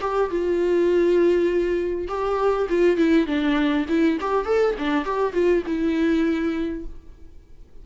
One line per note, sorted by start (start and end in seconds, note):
0.00 0.30 G4
0.30 2.07 F4
2.07 2.67 G4
2.69 2.96 F4
2.96 3.26 E4
3.26 3.85 D4
3.88 4.18 E4
4.20 4.45 G4
4.45 4.75 A4
4.78 5.05 D4
5.05 5.33 G4
5.33 5.62 F4
5.66 6.85 E4